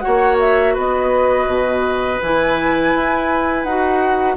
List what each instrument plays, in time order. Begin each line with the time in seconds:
0.00 clarinet F#4, oboe C#5, flute F#5
0.07 bassoon A#3
0.40 flute E5
0.74 bassoon B3, oboe B4, flute D#5
1.48 bassoon B2
2.22 bassoon E3, clarinet E4, flute G#5
2.94 bassoon E4
3.64 bassoon D#4, clarinet F#4, flute F#5